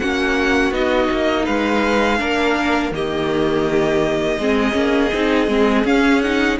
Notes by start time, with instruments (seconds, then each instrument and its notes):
0.00 cello A#3, viola C#4, violin F#4 F#5
0.72 cello B3, viola D#4, violin D#5
1.12 cello A#3
1.45 cello G#3, violin B4 F5
2.19 cello A#3, viola D4, violin A#4
2.91 cello D#3, viola A#3, violin G4 D#5
4.38 cello G#3, viola C4, violin G#4
4.72 cello A#3, viola C#4
5.13 cello C4, viola D#4
5.48 cello G#3, viola C4
5.85 viola C#4, cello C#4, violin F5
6.22 viola D#4, violin F#5